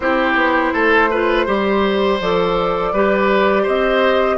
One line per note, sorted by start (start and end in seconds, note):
0.00 0.34 C4
0.00 1.11 E4
0.00 0.73 G4
0.00 2.17 C5
0.34 0.71 B3
0.73 1.47 A3
0.73 1.09 A4
1.10 1.46 F4
1.10 1.46 B4
1.46 2.20 G3
1.46 2.19 G4
1.46 2.92 C5
2.20 2.93 F3
2.20 2.94 A4
2.20 3.66 D5
2.93 3.66 G3
2.93 4.37 G4
2.93 3.62 B4
3.62 4.37 C4
3.62 4.36 C5
3.62 4.37 D#5